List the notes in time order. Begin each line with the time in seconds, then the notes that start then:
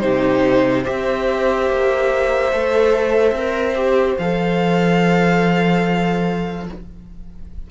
0.00 C3 D#4 G4 C5
0.82 C4 G4 C5 E5
1.70 A#3
2.52 A3 A4
3.32 C4 A#4
3.75 G4
4.17 F3 A4 F5